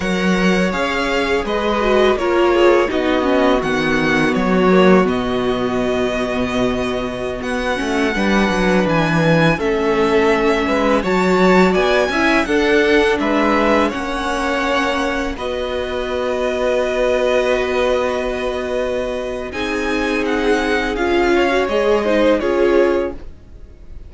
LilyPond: <<
  \new Staff \with { instrumentName = "violin" } { \time 4/4 \tempo 4 = 83 fis''4 f''4 dis''4 cis''4 | dis''4 fis''4 cis''4 dis''4~ | dis''2~ dis''16 fis''4.~ fis''16~ | fis''16 gis''4 e''2 a''8.~ |
a''16 gis''4 fis''4 e''4 fis''8.~ | fis''4~ fis''16 dis''2~ dis''8.~ | dis''2. gis''4 | fis''4 f''4 dis''4 cis''4 | }
  \new Staff \with { instrumentName = "violin" } { \time 4/4 cis''2 b'4 ais'8 gis'8 | fis'1~ | fis'2.~ fis'16 b'8.~ | b'4~ b'16 a'4. b'8 cis''8.~ |
cis''16 d''8 e''8 a'4 b'4 cis''8.~ | cis''4~ cis''16 b'2~ b'8.~ | b'2. gis'4~ | gis'4. cis''4 c''8 gis'4 | }
  \new Staff \with { instrumentName = "viola" } { \time 4/4 ais'4 gis'4. fis'8 f'4 | dis'8 cis'8 b4. ais8 b4~ | b2~ b8. cis'8 d'8.~ | d'4~ d'16 cis'2 fis'8.~ |
fis'8. e'8 d'2 cis'8.~ | cis'4~ cis'16 fis'2~ fis'8.~ | fis'2. dis'4~ | dis'4 f'8. fis'16 gis'8 dis'8 f'4 | }
  \new Staff \with { instrumentName = "cello" } { \time 4/4 fis4 cis'4 gis4 ais4 | b4 dis4 fis4 b,4~ | b,2~ b,16 b8 a8 g8 fis16~ | fis16 e4 a4. gis8 fis8.~ |
fis16 b8 cis'8 d'4 gis4 ais8.~ | ais4~ ais16 b2~ b8.~ | b2. c'4~ | c'4 cis'4 gis4 cis'4 | }
>>